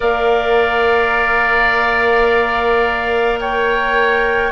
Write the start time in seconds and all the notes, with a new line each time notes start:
0.00 A#3 A#4 D5 F5
3.40 C#5 G5